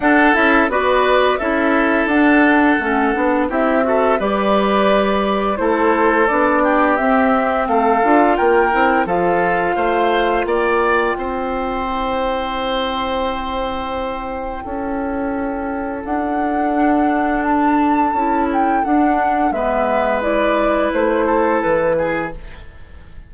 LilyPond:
<<
  \new Staff \with { instrumentName = "flute" } { \time 4/4 \tempo 4 = 86 fis''8 e''8 d''4 e''4 fis''4~ | fis''4 e''4 d''2 | c''4 d''4 e''4 f''4 | g''4 f''2 g''4~ |
g''1~ | g''2. fis''4~ | fis''4 a''4. g''8 fis''4 | e''4 d''4 c''4 b'4 | }
  \new Staff \with { instrumentName = "oboe" } { \time 4/4 a'4 b'4 a'2~ | a'4 g'8 a'8 b'2 | a'4. g'4. a'4 | ais'4 a'4 c''4 d''4 |
c''1~ | c''4 a'2.~ | a'1 | b'2~ b'8 a'4 gis'8 | }
  \new Staff \with { instrumentName = "clarinet" } { \time 4/4 d'8 e'8 fis'4 e'4 d'4 | cis'8 d'8 e'8 fis'8 g'2 | e'4 d'4 c'4. f'8~ | f'8 e'8 f'2.~ |
f'4 e'2.~ | e'1 | d'2 e'4 d'4 | b4 e'2. | }
  \new Staff \with { instrumentName = "bassoon" } { \time 4/4 d'8 cis'8 b4 cis'4 d'4 | a8 b8 c'4 g2 | a4 b4 c'4 a8 d'8 | ais8 c'8 f4 a4 ais4 |
c'1~ | c'4 cis'2 d'4~ | d'2 cis'4 d'4 | gis2 a4 e4 | }
>>